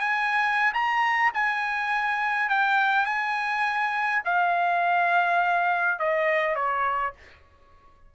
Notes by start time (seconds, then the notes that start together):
0.00 G#5
0.74 A#5
1.34 G#5
2.49 G5
3.06 G#5
4.25 F5
5.99 D#5
6.55 C#5